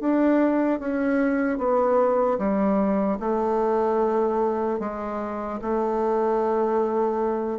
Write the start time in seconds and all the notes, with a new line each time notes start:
0.00 D4
0.80 C#4
1.58 B3
2.38 G3
3.20 A3
4.80 G#3
5.61 A3